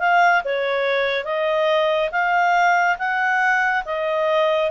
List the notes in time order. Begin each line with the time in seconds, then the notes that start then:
0.00 F5
0.45 C#5
1.25 D#5
2.12 F5
2.99 F#5
3.85 D#5